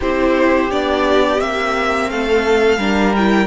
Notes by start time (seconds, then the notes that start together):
0.00 C4 E4 G4 C5
0.70 B3 D4 D5
1.38 A#3 C4 E5
2.09 A3 A4 F5
2.77 G3 D4 A#4
3.15 E4 G5